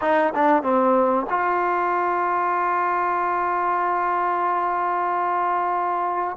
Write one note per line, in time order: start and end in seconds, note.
0.01 0.33 D#4
0.34 0.62 D4
0.62 1.26 C4
1.29 6.37 F4